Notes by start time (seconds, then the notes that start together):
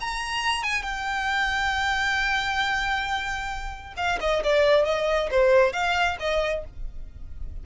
0.00 A#5
0.63 G#5
0.82 G5
3.97 F5
4.20 D#5
4.43 D5
4.85 D#5
5.31 C5
5.73 F5
6.20 D#5